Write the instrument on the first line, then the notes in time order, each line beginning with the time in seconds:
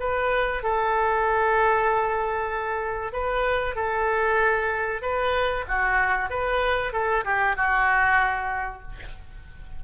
oboe
0.00 B4
0.63 A4
3.13 B4
3.76 A4
5.02 B4
5.68 F#4
6.30 B4
6.93 A4
7.25 G4
7.56 F#4